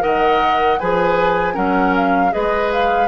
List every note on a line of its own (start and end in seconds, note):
0.00 0.80 D#3
0.00 0.77 A#4
0.00 0.79 D#5
0.00 0.79 F#5
0.79 1.56 F3
0.79 1.54 G#4
0.79 1.54 B4
0.79 1.56 G#5
1.54 2.33 F#3
1.54 2.31 C#4
1.54 2.31 A#4
1.54 1.94 F#5
1.96 2.33 F5
2.31 3.08 G#3
2.31 3.08 G#4
2.31 3.08 B4
2.31 2.71 D#5
2.72 3.08 F5